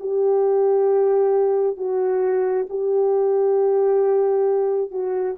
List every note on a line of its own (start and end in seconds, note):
0.00 1.77 G4
1.77 2.67 F#4
2.69 4.91 G4
4.91 5.36 F#4